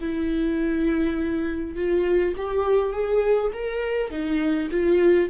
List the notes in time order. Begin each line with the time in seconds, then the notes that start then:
0.00 E4
1.76 F4
2.36 G4
2.93 G#4
3.53 A#4
4.11 D#4
4.71 F4